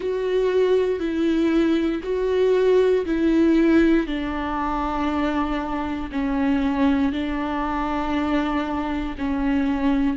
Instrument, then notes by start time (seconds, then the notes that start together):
viola
0.00 F#4
0.99 E4
2.03 F#4
3.05 E4
4.06 D4
6.11 C#4
7.12 D4
9.18 C#4